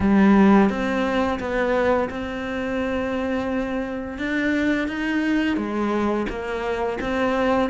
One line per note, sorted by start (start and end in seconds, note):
0.00 0.69 G3
0.69 1.39 C4
1.39 2.09 B3
2.09 4.18 C4
4.18 4.88 D4
4.88 5.56 D#4
5.56 6.26 G#3
6.29 6.99 A#3
7.00 7.69 C4